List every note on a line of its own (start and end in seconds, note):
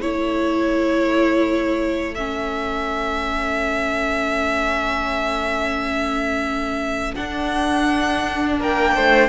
0.00 7.14 A3
0.00 2.15 E4
0.00 8.58 A4
0.00 2.15 C#5
2.15 7.16 C#4
2.15 7.15 E5
7.15 9.29 D4
7.15 8.61 D4
7.15 8.58 F#5
8.59 8.96 A#3
8.59 8.94 A#4
8.59 9.29 G5
8.95 9.29 A3
8.95 9.29 C5